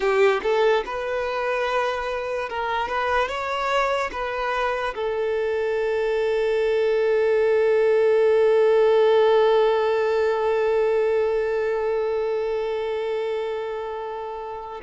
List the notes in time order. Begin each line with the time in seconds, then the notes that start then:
0.00 G4
0.43 A4
0.85 B4
2.49 A#4
2.88 B4
3.28 C#5
4.12 B4
4.95 A4